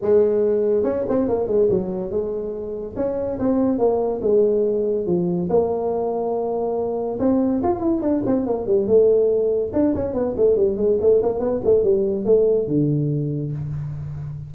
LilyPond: \new Staff \with { instrumentName = "tuba" } { \time 4/4 \tempo 4 = 142 gis2 cis'8 c'8 ais8 gis8 | fis4 gis2 cis'4 | c'4 ais4 gis2 | f4 ais2.~ |
ais4 c'4 f'8 e'8 d'8 c'8 | ais8 g8 a2 d'8 cis'8 | b8 a8 g8 gis8 a8 ais8 b8 a8 | g4 a4 d2 | }